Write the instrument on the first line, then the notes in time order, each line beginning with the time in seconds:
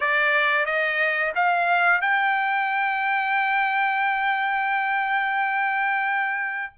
trumpet
0.00 D5
0.65 D#5
1.35 F5
2.01 G5